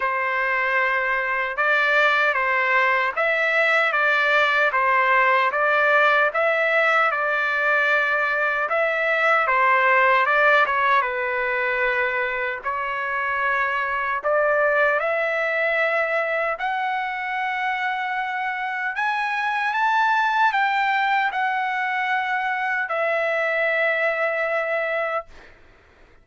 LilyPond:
\new Staff \with { instrumentName = "trumpet" } { \time 4/4 \tempo 4 = 76 c''2 d''4 c''4 | e''4 d''4 c''4 d''4 | e''4 d''2 e''4 | c''4 d''8 cis''8 b'2 |
cis''2 d''4 e''4~ | e''4 fis''2. | gis''4 a''4 g''4 fis''4~ | fis''4 e''2. | }